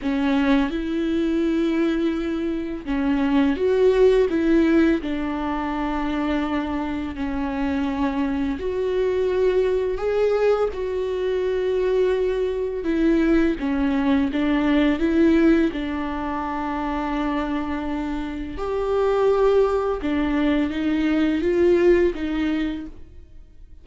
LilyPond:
\new Staff \with { instrumentName = "viola" } { \time 4/4 \tempo 4 = 84 cis'4 e'2. | cis'4 fis'4 e'4 d'4~ | d'2 cis'2 | fis'2 gis'4 fis'4~ |
fis'2 e'4 cis'4 | d'4 e'4 d'2~ | d'2 g'2 | d'4 dis'4 f'4 dis'4 | }